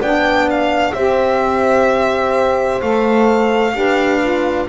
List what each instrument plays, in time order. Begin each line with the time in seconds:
0.00 double bass B3, saxophone D4, horn D5, violin G5
0.50 violin F5
0.94 double bass C4, saxophone G4, horn C5, violin E5
2.81 double bass A3, saxophone A4, violin F5
3.72 double bass D4, saxophone G4, horn B4
4.21 saxophone F4